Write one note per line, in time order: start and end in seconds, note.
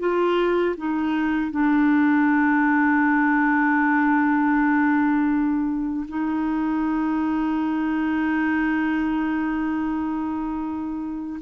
0.00 0.76 F4
0.77 1.51 D#4
1.51 6.07 D4
6.09 11.40 D#4